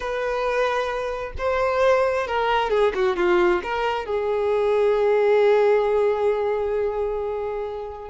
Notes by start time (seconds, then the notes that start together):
0.00 B4
1.37 C5
2.27 A#4
2.70 G#4
2.94 F#4
3.16 F4
3.63 A#4
4.05 G#4